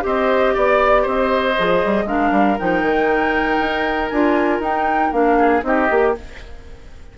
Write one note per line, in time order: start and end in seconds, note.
0.00 0.56 C4
0.00 1.53 G4
0.00 0.54 C5
0.00 0.56 D#5
0.54 1.06 B3
0.54 1.02 D5
0.54 1.07 D5
1.02 1.57 C4
1.02 2.04 C5
1.02 2.08 D#5
1.58 1.84 F3
1.58 2.07 G#4
1.85 2.05 G3
2.05 2.31 G#3
2.05 2.57 D4
2.05 5.38 A#4
2.05 2.58 F5
2.31 2.57 G3
2.58 2.82 F3
2.58 4.11 D#4
2.58 4.09 G5
2.82 3.58 D#3
3.60 4.11 D#4
4.09 4.60 D4
4.09 4.63 F4
4.09 4.60 G#5
4.60 5.10 D#4
4.60 5.12 D#4
4.60 5.12 G5
5.12 5.63 A#3
5.12 5.62 D4
5.12 5.63 F5
5.38 5.63 G#4
5.62 5.88 C4
5.62 5.87 D#4
5.62 6.18 G4
5.62 6.15 D#5
5.90 6.16 A#3
5.90 6.15 G4